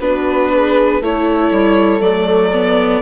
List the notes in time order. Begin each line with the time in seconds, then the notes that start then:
0.00 B3 D4 F#4 B4
0.53 G#4
1.01 A3 E4 A4 C#5
1.51 G3
2.00 F#3 A3 D5
2.53 B3